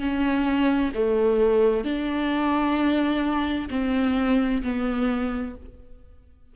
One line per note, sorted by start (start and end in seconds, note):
0.00 0.92 C#4
0.95 1.85 A3
1.85 3.69 D4
3.70 4.63 C4
4.63 5.56 B3